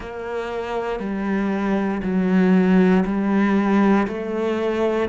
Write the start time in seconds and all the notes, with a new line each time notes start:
0.00 A#3
0.99 G3
2.02 F#3
3.05 G3
4.07 A3